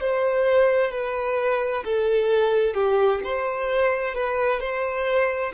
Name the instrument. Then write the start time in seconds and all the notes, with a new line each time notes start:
violin
0.00 C5
0.91 B4
1.84 A4
2.74 G4
3.23 C5
4.15 B4
4.60 C5